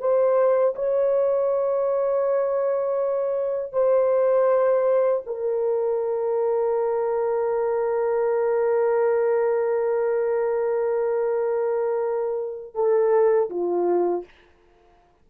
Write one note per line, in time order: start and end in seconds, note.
0.00 0.75 C5
0.76 3.73 C#5
3.73 5.23 C5
5.27 12.75 A#4
12.75 13.50 A4
13.50 14.25 F4